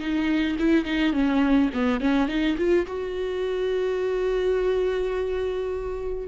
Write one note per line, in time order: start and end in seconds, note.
0.00 0.57 D#4
0.59 0.85 E4
0.85 1.13 D#4
1.13 1.70 C#4
1.74 2.01 B3
2.01 2.28 C#4
2.28 2.57 D#4
2.58 2.86 F4
2.87 6.28 F#4